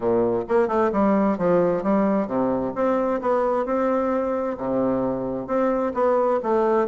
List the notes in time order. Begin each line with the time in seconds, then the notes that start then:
0.00 A#2
0.48 A#3
0.67 A3
0.92 G3
1.37 F3
1.83 G3
2.27 C3
2.75 C4
3.21 B3
3.65 C4
4.57 C3
5.47 C4
5.94 B3
6.42 A3